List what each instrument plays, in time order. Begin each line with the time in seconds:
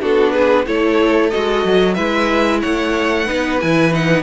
0.00 cello B3, viola D4, violin F#4 A4
0.32 violin G#4 B4
0.66 cello A3, viola E4, violin A4 C#5
1.30 cello G#3, viola F#4, violin D#5
1.65 cello F#3
1.94 cello G#3, viola E4, violin B4 E5
2.61 cello A3, violin C#5 F#5
3.25 cello B3, viola D#4, violin B4
3.61 cello E3, viola E4, violin G#5
3.92 viola D#4, violin F#5